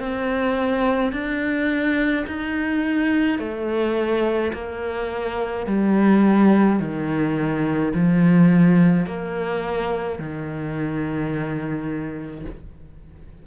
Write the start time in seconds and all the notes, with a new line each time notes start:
0.00 C4
1.13 D4
2.27 D#4
3.39 A3
4.53 A#3
5.67 G3
6.80 D#3
7.94 F3
9.07 A#3
10.19 D#3